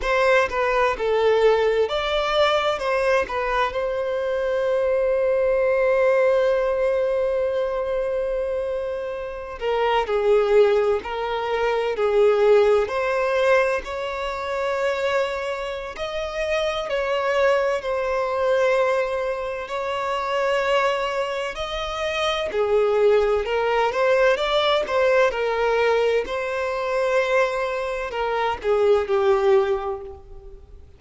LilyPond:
\new Staff \with { instrumentName = "violin" } { \time 4/4 \tempo 4 = 64 c''8 b'8 a'4 d''4 c''8 b'8 | c''1~ | c''2~ c''16 ais'8 gis'4 ais'16~ | ais'8. gis'4 c''4 cis''4~ cis''16~ |
cis''4 dis''4 cis''4 c''4~ | c''4 cis''2 dis''4 | gis'4 ais'8 c''8 d''8 c''8 ais'4 | c''2 ais'8 gis'8 g'4 | }